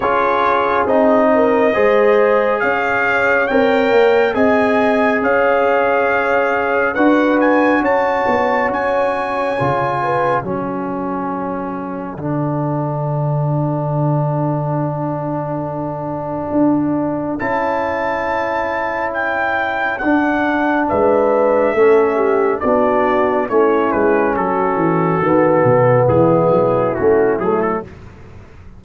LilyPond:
<<
  \new Staff \with { instrumentName = "trumpet" } { \time 4/4 \tempo 4 = 69 cis''4 dis''2 f''4 | g''4 gis''4 f''2 | fis''8 gis''8 a''4 gis''2 | fis''1~ |
fis''1 | a''2 g''4 fis''4 | e''2 d''4 cis''8 b'8 | a'2 gis'4 fis'8 gis'16 a'16 | }
  \new Staff \with { instrumentName = "horn" } { \time 4/4 gis'4. ais'8 c''4 cis''4~ | cis''4 dis''4 cis''2 | b'4 cis''2~ cis''8 b'8 | a'1~ |
a'1~ | a'1 | b'4 a'8 g'8 fis'4 e'4 | fis'2 e'2 | }
  \new Staff \with { instrumentName = "trombone" } { \time 4/4 f'4 dis'4 gis'2 | ais'4 gis'2. | fis'2. f'4 | cis'2 d'2~ |
d'1 | e'2. d'4~ | d'4 cis'4 d'4 cis'4~ | cis'4 b2 cis'8 a8 | }
  \new Staff \with { instrumentName = "tuba" } { \time 4/4 cis'4 c'4 gis4 cis'4 | c'8 ais8 c'4 cis'2 | d'4 cis'8 b8 cis'4 cis4 | fis2 d2~ |
d2. d'4 | cis'2. d'4 | gis4 a4 b4 a8 gis8 | fis8 e8 dis8 b,8 e8 fis8 a8 fis8 | }
>>